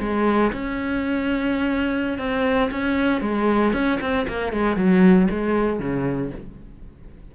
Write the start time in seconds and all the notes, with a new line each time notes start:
0.00 G#3
0.52 C#4
2.18 C4
2.71 C#4
3.21 G#3
3.73 C#4
4.01 C4
4.28 A#3
4.52 G#3
4.76 F#3
5.30 G#3
5.79 C#3